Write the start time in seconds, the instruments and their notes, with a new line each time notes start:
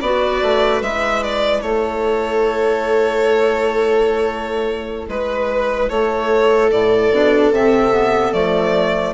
0.00 bassoon B3, clarinet F#4, viola B4, violin D5
0.42 bassoon A3
0.81 bassoon G#3, clarinet E4, violin E5
1.23 violin D5
1.61 bassoon A3, viola A4, violin C#5
5.08 bassoon G#3, violin B4, viola B4
5.89 bassoon A3, viola A4, violin C#5
6.70 bassoon A2, violin D5
7.10 bassoon B2, clarinet D4
7.50 bassoon C3, clarinet C4, violin E5
7.92 clarinet B3
8.32 bassoon F3, clarinet A3, violin D5